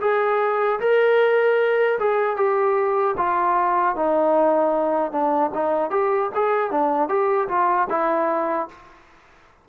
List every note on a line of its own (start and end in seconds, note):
0.00 0.79 G#4
0.80 1.98 A#4
1.99 2.36 G#4
2.36 3.15 G4
3.17 3.95 F4
3.95 5.11 D#4
5.11 5.50 D4
5.54 5.90 D#4
5.90 6.30 G4
6.35 6.70 G#4
6.70 7.08 D4
7.08 7.48 G4
7.48 7.88 F4
7.89 8.68 E4